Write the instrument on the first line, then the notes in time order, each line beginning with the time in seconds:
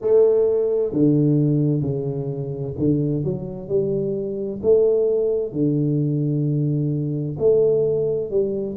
tuba
0.01 A3
0.92 D3
1.81 C#3
2.78 D3
3.23 F#3
3.68 G3
4.62 A3
5.52 D3
7.38 A3
8.30 G3